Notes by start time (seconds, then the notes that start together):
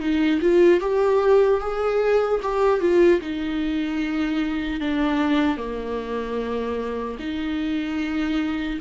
0.00 D#4
0.41 F4
0.80 G4
1.60 G#4
2.42 G4
2.80 F4
3.21 D#4
4.80 D4
5.57 A#3
7.19 D#4